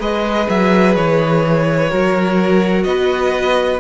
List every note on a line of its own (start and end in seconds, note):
0.00 0.48 G#3
0.00 1.90 G#4
0.00 1.90 B4
0.00 0.49 D#5
0.49 0.96 F#3
0.49 0.96 E5
0.96 1.91 E3
0.96 2.84 C#5
1.90 2.85 F#3
1.90 3.81 F#4
1.90 2.86 A#4
2.84 3.81 B3
2.84 3.81 B4
2.84 3.79 D#5